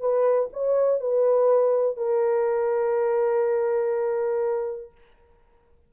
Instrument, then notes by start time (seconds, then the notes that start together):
horn
0.00 B4
0.53 C#5
1.01 B4
1.97 A#4